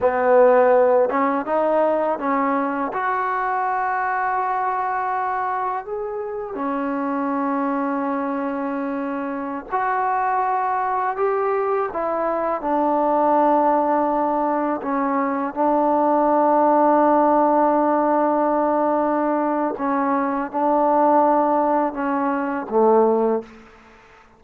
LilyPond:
\new Staff \with { instrumentName = "trombone" } { \time 4/4 \tempo 4 = 82 b4. cis'8 dis'4 cis'4 | fis'1 | gis'4 cis'2.~ | cis'4~ cis'16 fis'2 g'8.~ |
g'16 e'4 d'2~ d'8.~ | d'16 cis'4 d'2~ d'8.~ | d'2. cis'4 | d'2 cis'4 a4 | }